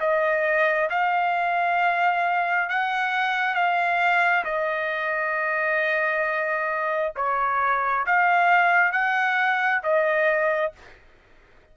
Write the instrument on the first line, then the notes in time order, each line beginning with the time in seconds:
trumpet
0.00 D#5
0.90 F5
2.69 F#5
3.55 F5
4.45 D#5
7.16 C#5
8.07 F5
8.92 F#5
9.83 D#5